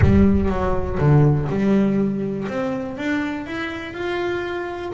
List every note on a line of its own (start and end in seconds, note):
0.01 0.49 G3
0.49 0.98 F#3
0.98 1.48 D3
1.49 2.47 G3
2.48 2.97 C4
2.97 3.46 D4
3.46 3.93 E4
3.93 4.92 F4